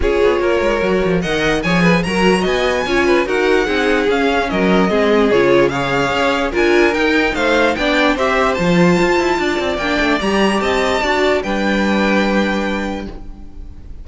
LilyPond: <<
  \new Staff \with { instrumentName = "violin" } { \time 4/4 \tempo 4 = 147 cis''2. fis''4 | gis''4 ais''4 gis''2 | fis''2 f''4 dis''4~ | dis''4 cis''4 f''2 |
gis''4 g''4 f''4 g''4 | e''4 a''2. | g''4 ais''4 a''2 | g''1 | }
  \new Staff \with { instrumentName = "violin" } { \time 4/4 gis'4 ais'2 dis''4 | cis''8 b'8 ais'4 dis''4 cis''8 b'8 | ais'4 gis'2 ais'4 | gis'2 cis''2 |
ais'2 c''4 d''4 | c''2. d''4~ | d''2 dis''4 d''4 | b'1 | }
  \new Staff \with { instrumentName = "viola" } { \time 4/4 f'2 fis'4 ais'4 | gis'4 fis'2 f'4 | fis'4 dis'4 cis'2 | c'4 f'4 gis'2 |
f'4 dis'2 d'4 | g'4 f'2. | d'4 g'2 fis'4 | d'1 | }
  \new Staff \with { instrumentName = "cello" } { \time 4/4 cis'8 b8 ais8 gis8 fis8 f8 dis4 | f4 fis4 b4 cis'4 | dis'4 c'4 cis'4 fis4 | gis4 cis2 cis'4 |
d'4 dis'4 a4 b4 | c'4 f4 f'8 e'8 d'8 c'8 | ais8 a8 g4 c'4 d'4 | g1 | }
>>